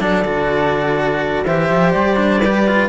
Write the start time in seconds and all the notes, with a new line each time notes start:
0.00 F#3 D4 A4 D5
0.24 D3 F#4
1.45 E3 G4 C5 E5
1.70 F3
1.92 G3 D5
2.17 D4
2.42 G4 B4
2.68 F4